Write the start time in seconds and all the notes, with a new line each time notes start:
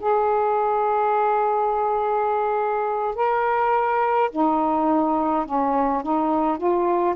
0.00 G#4
3.15 A#4
4.31 D#4
5.45 C#4
6.03 D#4
6.58 F4